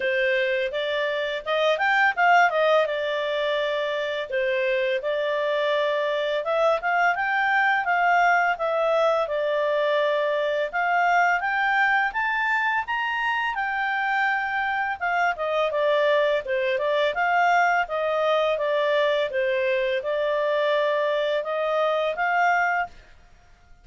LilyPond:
\new Staff \with { instrumentName = "clarinet" } { \time 4/4 \tempo 4 = 84 c''4 d''4 dis''8 g''8 f''8 dis''8 | d''2 c''4 d''4~ | d''4 e''8 f''8 g''4 f''4 | e''4 d''2 f''4 |
g''4 a''4 ais''4 g''4~ | g''4 f''8 dis''8 d''4 c''8 d''8 | f''4 dis''4 d''4 c''4 | d''2 dis''4 f''4 | }